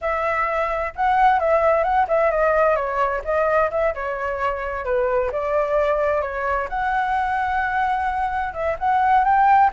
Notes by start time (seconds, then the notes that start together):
0.01 E5
0.95 F#5
1.39 E5
1.83 F#5
2.08 E5
2.31 D#5
2.75 C#5
3.24 D#5
3.70 E5
3.94 C#5
4.84 B4
5.32 D5
6.21 C#5
6.69 F#5
8.53 E5
8.78 F#5
9.24 G5